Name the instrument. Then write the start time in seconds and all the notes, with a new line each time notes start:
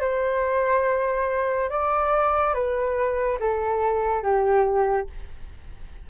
flute
0.00 C5
1.69 D5
2.54 B4
3.39 A4
4.22 G4